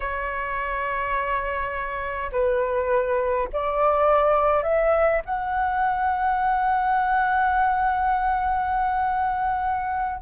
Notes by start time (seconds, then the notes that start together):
0.00 C#5
2.32 B4
3.52 D5
4.63 E5
5.25 F#5